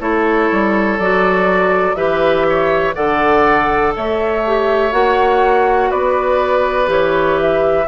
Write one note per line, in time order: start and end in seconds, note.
0.00 0.50 A3
0.00 0.99 E4
0.00 1.96 A4
0.00 0.98 C#5
0.51 0.99 G3
0.99 1.95 F#3
0.99 1.95 F#4
0.99 1.95 D5
1.95 2.93 E3
1.95 2.93 G4
1.95 2.45 B4
1.95 2.93 E5
2.49 2.95 C#5
2.94 3.95 D3
2.94 4.42 A4
2.94 3.93 D5
2.94 3.93 F#5
3.96 4.92 A3
3.96 5.90 C#5
3.96 4.93 E5
4.46 4.91 G4
4.91 5.91 A#3
4.91 6.86 F#4
4.91 5.91 F#5
5.90 6.87 B3
5.90 7.87 B4
5.90 6.89 D5
6.86 7.85 E3
6.86 7.84 G4
6.86 7.40 C#5
7.40 7.88 E5